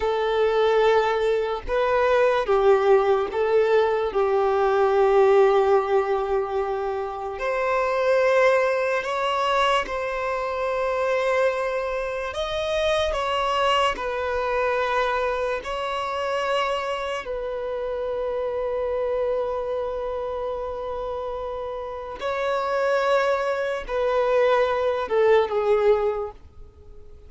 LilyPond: \new Staff \with { instrumentName = "violin" } { \time 4/4 \tempo 4 = 73 a'2 b'4 g'4 | a'4 g'2.~ | g'4 c''2 cis''4 | c''2. dis''4 |
cis''4 b'2 cis''4~ | cis''4 b'2.~ | b'2. cis''4~ | cis''4 b'4. a'8 gis'4 | }